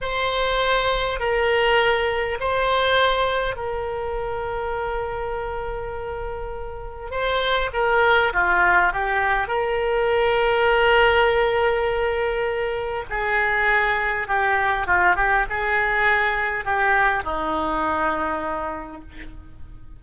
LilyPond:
\new Staff \with { instrumentName = "oboe" } { \time 4/4 \tempo 4 = 101 c''2 ais'2 | c''2 ais'2~ | ais'1 | c''4 ais'4 f'4 g'4 |
ais'1~ | ais'2 gis'2 | g'4 f'8 g'8 gis'2 | g'4 dis'2. | }